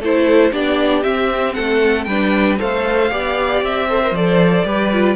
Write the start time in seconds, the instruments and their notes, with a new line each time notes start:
0.00 cello A3, viola E4, violin A4 C5
0.52 cello B3, viola D4, violin G4 D5
1.03 viola C4, cello C4, violin E5
1.54 cello A3, violin A4 F#5
2.04 cello G3, viola D4, violin B4 G5
2.59 cello A3, viola A4, violin C5 F5
3.11 cello B3, viola G4, violin D5
3.62 cello C4, violin E5
3.88 viola A4, violin C5
4.03 viola A#4
4.12 cello F3, viola A4, violin D5
4.66 cello G3, viola G4, violin B4
4.93 viola F4